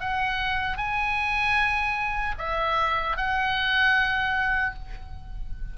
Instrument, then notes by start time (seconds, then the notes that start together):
oboe
0.00 F#5
0.77 G#5
2.38 E5
3.17 F#5